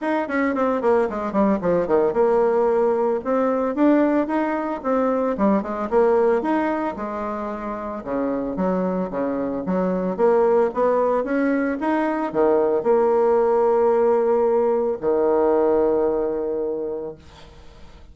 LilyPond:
\new Staff \with { instrumentName = "bassoon" } { \time 4/4 \tempo 4 = 112 dis'8 cis'8 c'8 ais8 gis8 g8 f8 dis8 | ais2 c'4 d'4 | dis'4 c'4 g8 gis8 ais4 | dis'4 gis2 cis4 |
fis4 cis4 fis4 ais4 | b4 cis'4 dis'4 dis4 | ais1 | dis1 | }